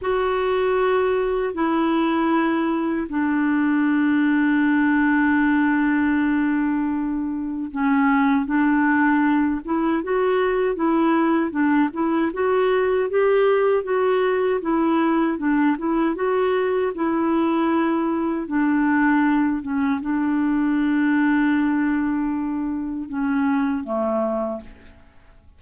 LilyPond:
\new Staff \with { instrumentName = "clarinet" } { \time 4/4 \tempo 4 = 78 fis'2 e'2 | d'1~ | d'2 cis'4 d'4~ | d'8 e'8 fis'4 e'4 d'8 e'8 |
fis'4 g'4 fis'4 e'4 | d'8 e'8 fis'4 e'2 | d'4. cis'8 d'2~ | d'2 cis'4 a4 | }